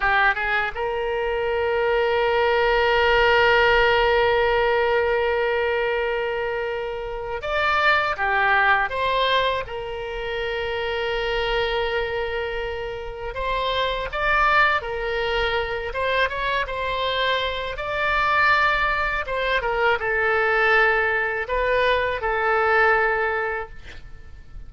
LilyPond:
\new Staff \with { instrumentName = "oboe" } { \time 4/4 \tempo 4 = 81 g'8 gis'8 ais'2.~ | ais'1~ | ais'2 d''4 g'4 | c''4 ais'2.~ |
ais'2 c''4 d''4 | ais'4. c''8 cis''8 c''4. | d''2 c''8 ais'8 a'4~ | a'4 b'4 a'2 | }